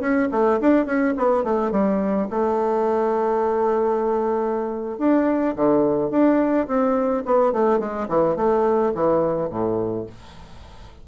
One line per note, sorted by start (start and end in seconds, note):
0.00 0.28 C#4
0.31 0.59 A3
0.60 0.85 D4
0.85 1.14 C#4
1.17 1.44 B3
1.44 1.71 A3
1.71 2.28 G3
2.30 4.98 A3
4.98 5.55 D4
5.56 6.10 D3
6.10 6.67 D4
6.67 7.23 C4
7.25 7.53 B3
7.53 7.79 A3
7.79 8.07 G#3
8.08 8.36 E3
8.36 8.93 A3
8.94 9.49 E3
9.49 10.06 A2